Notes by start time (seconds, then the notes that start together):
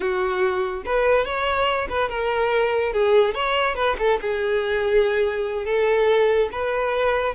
0.00 F#4
0.85 B4
1.25 C#5
1.89 B4
2.09 A#4
2.93 G#4
3.34 C#5
3.75 B4
3.98 A4
4.21 G#4
5.65 A4
6.51 B4